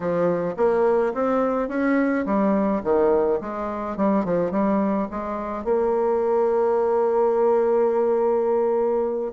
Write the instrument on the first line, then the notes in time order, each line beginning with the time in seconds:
bassoon
0.00 F3
0.56 A#3
1.14 C4
1.68 C#4
2.25 G3
2.83 D#3
3.40 G#3
3.96 G3
4.25 F3
4.51 G3
5.10 G#3
5.64 A#3